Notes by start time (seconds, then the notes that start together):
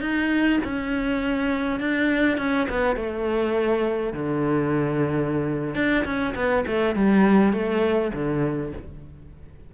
0.00 D#4
0.64 C#4
1.80 D4
2.37 C#4
2.69 B3
2.96 A3
4.13 D3
5.75 D4
6.04 C#4
6.35 B3
6.66 A3
6.95 G3
7.52 A3
8.13 D3